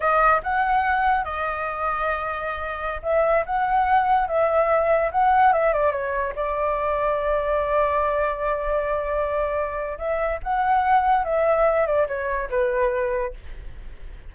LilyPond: \new Staff \with { instrumentName = "flute" } { \time 4/4 \tempo 4 = 144 dis''4 fis''2 dis''4~ | dis''2.~ dis''16 e''8.~ | e''16 fis''2 e''4.~ e''16~ | e''16 fis''4 e''8 d''8 cis''4 d''8.~ |
d''1~ | d''1 | e''4 fis''2 e''4~ | e''8 d''8 cis''4 b'2 | }